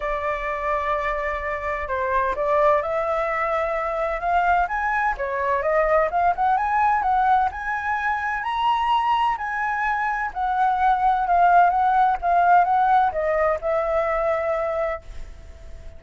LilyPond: \new Staff \with { instrumentName = "flute" } { \time 4/4 \tempo 4 = 128 d''1 | c''4 d''4 e''2~ | e''4 f''4 gis''4 cis''4 | dis''4 f''8 fis''8 gis''4 fis''4 |
gis''2 ais''2 | gis''2 fis''2 | f''4 fis''4 f''4 fis''4 | dis''4 e''2. | }